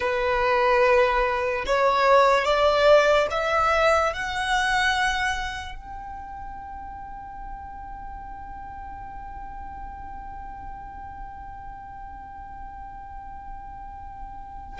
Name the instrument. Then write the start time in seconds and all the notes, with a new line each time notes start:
violin
0.00 B4
1.66 C#5
2.44 D5
3.31 E5
4.13 F#5
5.75 G5